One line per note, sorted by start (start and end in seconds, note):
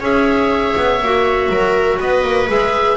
0.00 0.74 C#4
0.00 1.00 G#4
0.00 1.49 C#5
0.00 2.00 E5
0.77 1.02 B3
1.02 1.49 A#3
1.02 2.48 F#4
1.49 1.98 F#3
1.49 1.99 A#4
1.99 2.24 B3
1.99 2.97 B4
1.99 2.50 D#5
2.24 2.49 A#3
2.48 2.97 G#3
2.48 2.97 G#4
2.48 2.97 E5